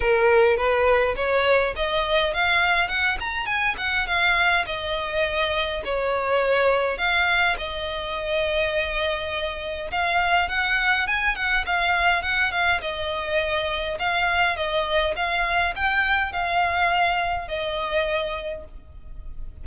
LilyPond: \new Staff \with { instrumentName = "violin" } { \time 4/4 \tempo 4 = 103 ais'4 b'4 cis''4 dis''4 | f''4 fis''8 ais''8 gis''8 fis''8 f''4 | dis''2 cis''2 | f''4 dis''2.~ |
dis''4 f''4 fis''4 gis''8 fis''8 | f''4 fis''8 f''8 dis''2 | f''4 dis''4 f''4 g''4 | f''2 dis''2 | }